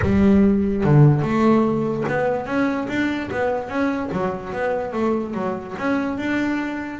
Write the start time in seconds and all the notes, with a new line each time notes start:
0.01 G3
0.83 D3
1.21 A3
2.08 B3
2.46 C#4
2.88 D4
3.31 B3
3.68 C#4
4.12 F#3
4.52 B3
4.92 A3
5.34 F#3
5.78 C#4
6.17 D4